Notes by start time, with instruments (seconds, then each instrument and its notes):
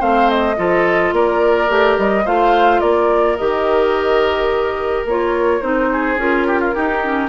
0.00 bassoon A3, clarinet C4, oboe C5, flute F5
0.30 flute D#5
0.57 bassoon F3, clarinet F4, oboe A4
1.13 bassoon A#3, oboe A#4, flute D5
1.69 bassoon A3, clarinet G4
1.99 bassoon G3, flute D#5
2.25 bassoon A3, clarinet F4, oboe C5, flute F5
2.81 bassoon A#3, oboe A#4, flute D5
3.37 bassoon D#3, clarinet G4, flute D#5
5.05 bassoon A#3, clarinet F4, flute C#5
5.62 bassoon C4, clarinet D#4, flute C5
5.93 oboe G#4
6.17 bassoon C#4, clarinet F4, flute A#4
6.48 oboe G4
6.61 oboe F4
6.74 clarinet D#4, bassoon D#4, oboe G4
7.04 clarinet C#4